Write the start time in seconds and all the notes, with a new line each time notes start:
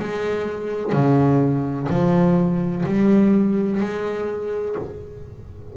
0.00 G#3
0.93 C#3
1.89 F3
2.86 G3
3.81 G#3